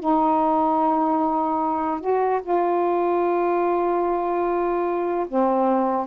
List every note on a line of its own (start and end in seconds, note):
0.00 2.01 D#4
2.01 2.41 F#4
2.43 5.26 F4
5.29 6.07 C4